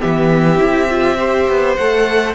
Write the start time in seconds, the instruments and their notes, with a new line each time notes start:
0.00 cello E3, viola B3, violin G4 E5
0.58 cello C4, viola E4
0.90 viola F4
1.18 viola G4, violin C5
1.49 cello B3
1.75 cello A3, viola A4, violin F#5